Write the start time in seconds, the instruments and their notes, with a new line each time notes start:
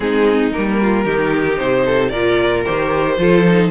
0.00 cello G#3, viola C4, violin D#4 G#4
0.51 cello G3, viola A#3, violin A#4
0.81 violin F4
1.04 cello D#3, viola D#4, violin G4
1.58 cello C3, violin C5
1.85 violin A4
2.09 cello A#2, viola F4, violin A#4 D5
2.65 cello D#3, viola G4, violin C5
3.17 cello F3, viola F4, violin A4
3.47 viola D#4